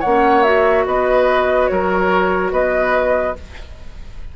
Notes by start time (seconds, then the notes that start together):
0.00 A#3 C#4 C#5 F#5
0.43 F#4 E5
0.86 B3 B4 D#5
1.67 F#3 A#4 C#5
2.51 B3 B4 D#5